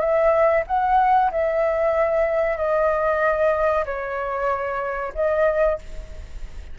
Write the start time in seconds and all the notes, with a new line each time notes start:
0.00 E5
0.67 F#5
1.32 E5
2.57 D#5
3.86 C#5
5.15 D#5